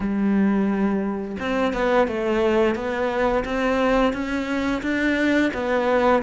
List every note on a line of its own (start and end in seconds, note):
0.00 1.37 G3
1.39 1.73 C4
1.73 2.07 B3
2.07 2.75 A3
2.75 3.44 B3
3.44 4.13 C4
4.13 4.82 C#4
4.82 5.51 D4
5.53 6.22 B3